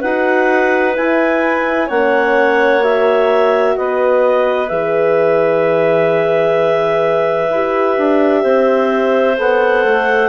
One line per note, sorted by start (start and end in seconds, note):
0.00 0.97 D#4
0.00 0.95 F#4
0.00 1.87 B4
0.00 0.95 F#5
0.95 1.88 E4
0.95 1.90 E4
0.95 1.90 G#5
1.87 3.78 A#3
1.87 2.81 C#4
1.87 3.74 C#5
1.87 2.84 F#5
2.81 4.69 F#4
2.81 3.77 E5
3.77 4.71 B3
3.77 8.42 B4
3.77 4.69 D#5
4.69 7.50 E3
4.69 7.50 G#4
4.69 9.38 E5
7.50 7.97 E4
7.50 9.37 G4
7.98 8.44 D4
8.42 9.38 C4
8.42 10.29 C5
9.37 9.85 B3
9.37 10.30 A4
9.37 10.30 F#5
9.85 10.30 A3